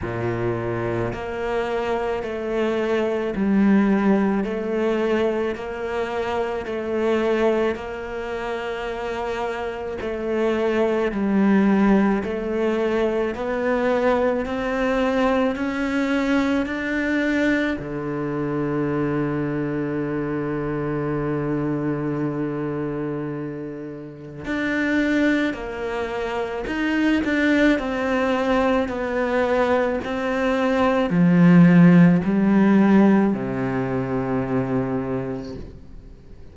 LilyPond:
\new Staff \with { instrumentName = "cello" } { \time 4/4 \tempo 4 = 54 ais,4 ais4 a4 g4 | a4 ais4 a4 ais4~ | ais4 a4 g4 a4 | b4 c'4 cis'4 d'4 |
d1~ | d2 d'4 ais4 | dis'8 d'8 c'4 b4 c'4 | f4 g4 c2 | }